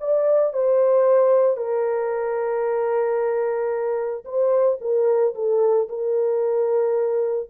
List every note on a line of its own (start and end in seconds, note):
0.00 0.53 D5
0.53 1.57 C5
1.57 4.25 A#4
4.25 4.78 C5
4.81 5.34 A#4
5.35 5.89 A4
5.89 7.50 A#4